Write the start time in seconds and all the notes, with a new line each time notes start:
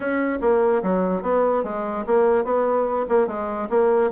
0.00 C#4
0.41 A#3
0.82 F#3
1.22 B3
1.63 G#3
2.06 A#3
2.44 B3
3.08 A#3
3.27 G#3
3.69 A#3